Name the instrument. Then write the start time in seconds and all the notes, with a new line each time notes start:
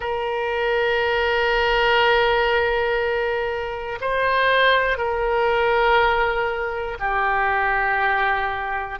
oboe
0.00 A#4
4.00 C5
4.97 A#4
7.00 G4